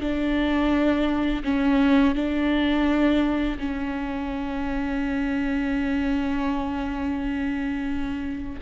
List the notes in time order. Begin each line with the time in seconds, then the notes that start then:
0.00 D4
1.44 C#4
2.15 D4
3.59 C#4